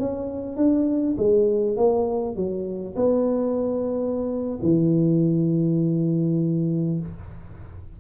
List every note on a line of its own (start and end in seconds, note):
0.00 0.57 C#4
0.57 1.16 D4
1.18 1.77 G#3
1.77 2.36 A#3
2.36 2.96 F#3
2.96 4.60 B3
4.63 7.00 E3